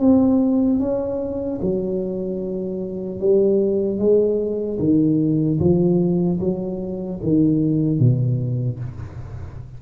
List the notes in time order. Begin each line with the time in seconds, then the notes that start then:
0.00 C4
0.80 C#4
1.62 F#3
3.19 G3
3.98 G#3
4.79 D#3
5.59 F3
6.40 F#3
7.23 D#3
7.99 B2